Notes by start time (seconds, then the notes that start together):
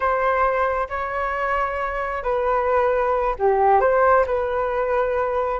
0.00 C5
0.89 C#5
2.23 B4
3.38 G4
3.80 C5
4.26 B4